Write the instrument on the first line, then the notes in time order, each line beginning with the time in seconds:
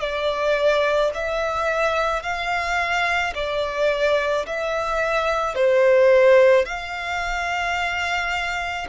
violin
0.00 D5
1.14 E5
2.23 F5
3.35 D5
4.46 E5
5.55 C5
6.65 F5